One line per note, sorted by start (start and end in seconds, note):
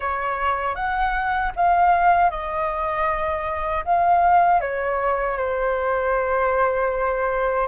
0.00 0.75 C#5
0.75 1.52 F#5
1.56 2.30 F5
2.30 3.84 D#5
3.84 4.60 F5
4.60 5.37 C#5
5.37 7.67 C5